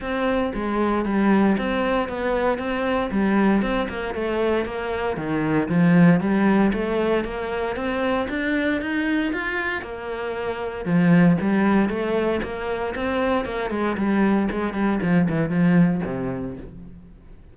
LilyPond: \new Staff \with { instrumentName = "cello" } { \time 4/4 \tempo 4 = 116 c'4 gis4 g4 c'4 | b4 c'4 g4 c'8 ais8 | a4 ais4 dis4 f4 | g4 a4 ais4 c'4 |
d'4 dis'4 f'4 ais4~ | ais4 f4 g4 a4 | ais4 c'4 ais8 gis8 g4 | gis8 g8 f8 e8 f4 c4 | }